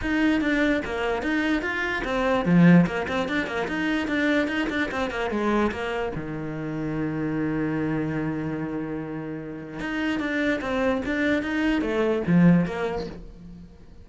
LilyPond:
\new Staff \with { instrumentName = "cello" } { \time 4/4 \tempo 4 = 147 dis'4 d'4 ais4 dis'4 | f'4 c'4 f4 ais8 c'8 | d'8 ais8 dis'4 d'4 dis'8 d'8 | c'8 ais8 gis4 ais4 dis4~ |
dis1~ | dis1 | dis'4 d'4 c'4 d'4 | dis'4 a4 f4 ais4 | }